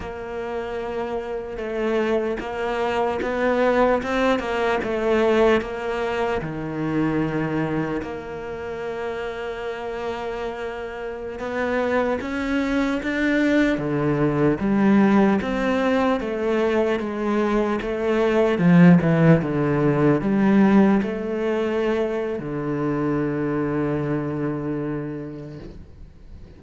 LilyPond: \new Staff \with { instrumentName = "cello" } { \time 4/4 \tempo 4 = 75 ais2 a4 ais4 | b4 c'8 ais8 a4 ais4 | dis2 ais2~ | ais2~ ais16 b4 cis'8.~ |
cis'16 d'4 d4 g4 c'8.~ | c'16 a4 gis4 a4 f8 e16~ | e16 d4 g4 a4.~ a16 | d1 | }